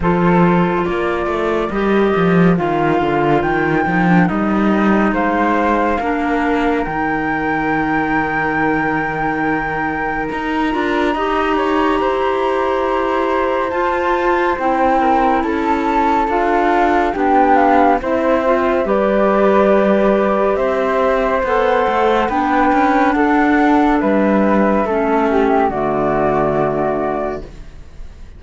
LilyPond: <<
  \new Staff \with { instrumentName = "flute" } { \time 4/4 \tempo 4 = 70 c''4 d''4 dis''4 f''4 | g''4 dis''4 f''2 | g''1 | ais''1 |
a''4 g''4 a''4 f''4 | g''8 f''8 e''4 d''2 | e''4 fis''4 g''4 fis''4 | e''2 d''2 | }
  \new Staff \with { instrumentName = "flute" } { \time 4/4 a'4 ais'2.~ | ais'2 c''4 ais'4~ | ais'1~ | ais'4 dis''8 cis''8 c''2~ |
c''4. ais'8 a'2 | g'4 c''4 b'2 | c''2 b'4 a'4 | b'4 a'8 g'8 fis'2 | }
  \new Staff \with { instrumentName = "clarinet" } { \time 4/4 f'2 g'4 f'4~ | f'8 dis'16 d'16 dis'2 d'4 | dis'1~ | dis'8 f'8 g'2. |
f'4 e'2 f'4 | d'4 e'8 f'8 g'2~ | g'4 a'4 d'2~ | d'4 cis'4 a2 | }
  \new Staff \with { instrumentName = "cello" } { \time 4/4 f4 ais8 a8 g8 f8 dis8 d8 | dis8 f8 g4 gis4 ais4 | dis1 | dis'8 d'8 dis'4 e'2 |
f'4 c'4 cis'4 d'4 | b4 c'4 g2 | c'4 b8 a8 b8 cis'8 d'4 | g4 a4 d2 | }
>>